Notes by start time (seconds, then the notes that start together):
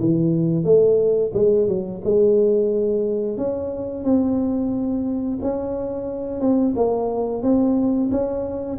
0.00 E3
0.64 A3
1.34 G#3
1.68 F#3
2.04 G#3
3.37 C#4
4.04 C4
5.42 C#4
6.41 C4
6.76 A#3
7.43 C4
8.11 C#4